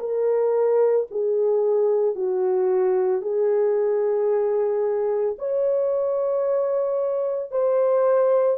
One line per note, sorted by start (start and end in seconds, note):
0.00 1.07 A#4
1.11 2.16 G#4
2.16 3.22 F#4
3.22 5.36 G#4
5.39 7.51 C#5
7.51 8.58 C5